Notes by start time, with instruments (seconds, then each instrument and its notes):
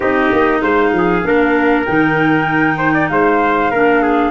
0.00 tuba C4, clarinet D#4, trumpet G4, flute D#5
0.32 tuba A#3
0.61 tuba G#3, trumpet C5, flute F5
0.92 tuba F3, trumpet G#4
1.23 tuba A#3, clarinet D4, trumpet A#4
1.85 tuba D#3, clarinet D#4, flute G5
2.77 trumpet C5
2.93 trumpet D5
3.09 tuba G#3, trumpet C5, flute F5
3.70 tuba A#3, clarinet D4, trumpet A#4
4.02 trumpet G#4